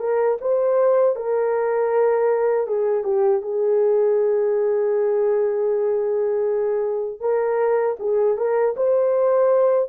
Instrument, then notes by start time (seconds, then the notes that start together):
horn
0.00 A#4
0.41 C5
1.16 A#4
2.68 G#4
3.04 G4
3.42 G#4
7.21 A#4
8.00 G#4
8.38 A#4
8.77 C5